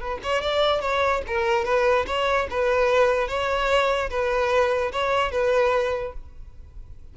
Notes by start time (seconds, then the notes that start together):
0.00 B4
0.23 C#5
0.42 D5
0.81 C#5
1.27 A#4
1.65 B4
2.06 C#5
2.50 B4
3.28 C#5
4.10 B4
4.92 C#5
5.31 B4